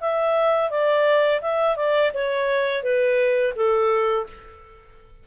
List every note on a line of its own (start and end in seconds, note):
0.00 0.70 E5
0.70 1.40 D5
1.41 1.76 E5
1.76 2.11 D5
2.13 2.83 C#5
2.83 3.53 B4
3.56 4.26 A4